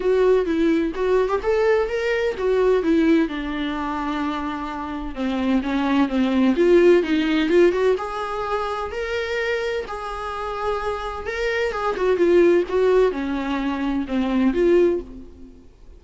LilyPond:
\new Staff \with { instrumentName = "viola" } { \time 4/4 \tempo 4 = 128 fis'4 e'4 fis'8. g'16 a'4 | ais'4 fis'4 e'4 d'4~ | d'2. c'4 | cis'4 c'4 f'4 dis'4 |
f'8 fis'8 gis'2 ais'4~ | ais'4 gis'2. | ais'4 gis'8 fis'8 f'4 fis'4 | cis'2 c'4 f'4 | }